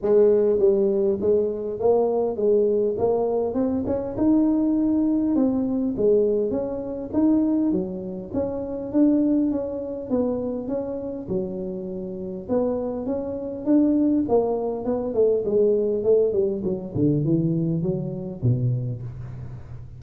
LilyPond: \new Staff \with { instrumentName = "tuba" } { \time 4/4 \tempo 4 = 101 gis4 g4 gis4 ais4 | gis4 ais4 c'8 cis'8 dis'4~ | dis'4 c'4 gis4 cis'4 | dis'4 fis4 cis'4 d'4 |
cis'4 b4 cis'4 fis4~ | fis4 b4 cis'4 d'4 | ais4 b8 a8 gis4 a8 g8 | fis8 d8 e4 fis4 b,4 | }